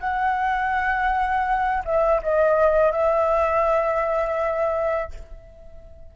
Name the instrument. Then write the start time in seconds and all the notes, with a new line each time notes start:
flute
0.00 F#5
1.85 E5
2.23 D#5
2.92 E5